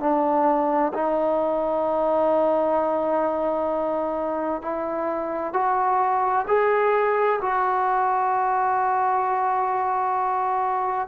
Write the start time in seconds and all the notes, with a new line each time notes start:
0.00 D4
0.93 D#4
4.61 E4
5.53 F#4
6.47 G#4
7.41 F#4